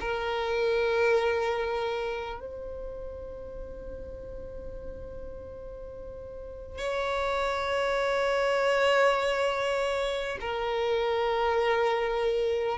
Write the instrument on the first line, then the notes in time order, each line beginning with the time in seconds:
violin
0.00 A#4
2.40 C5
6.78 C#5
10.40 A#4